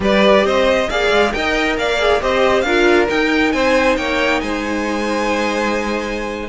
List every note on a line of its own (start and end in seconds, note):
0.00 0.43 G3
0.00 0.86 G4
0.00 0.45 B4
0.00 0.45 D5
0.44 0.88 C4
0.44 0.89 C5
0.44 0.89 D#5
0.89 1.10 A#3
0.89 1.34 G#4
0.89 1.33 D5
0.89 1.32 F5
1.10 1.33 G#3
1.32 1.77 D#4
1.32 1.98 A#4
1.32 1.78 D#5
1.32 1.76 G5
1.77 2.21 A#3
1.77 2.22 D5
1.77 2.22 F5
1.98 2.20 G#4
2.20 2.63 C4
2.20 2.64 G4
2.20 2.65 C5
2.20 2.61 D#5
2.61 3.07 D4
2.61 3.07 F4
2.61 3.53 A#4
2.61 3.05 F5
3.07 6.48 D#4
3.07 3.54 D#4
3.07 3.51 G5
3.51 3.97 C4
3.51 3.97 C5
3.51 3.96 G#5
3.97 4.41 A#3
3.97 4.41 C#5
3.97 4.40 G5
4.40 6.48 G#3
4.40 6.48 C5
4.40 6.48 G#5